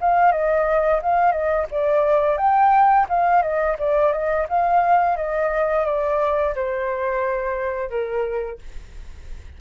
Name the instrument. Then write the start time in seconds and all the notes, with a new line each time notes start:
flute
0.00 F5
0.31 D#5
1.02 F5
1.31 D#5
1.71 D5
2.37 G5
3.08 F5
3.42 D#5
3.78 D5
4.12 D#5
4.48 F5
5.16 D#5
5.85 D5
6.55 C5
7.89 A#4